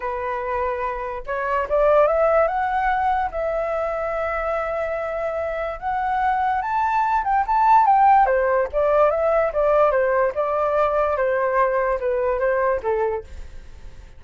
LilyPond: \new Staff \with { instrumentName = "flute" } { \time 4/4 \tempo 4 = 145 b'2. cis''4 | d''4 e''4 fis''2 | e''1~ | e''2 fis''2 |
a''4. g''8 a''4 g''4 | c''4 d''4 e''4 d''4 | c''4 d''2 c''4~ | c''4 b'4 c''4 a'4 | }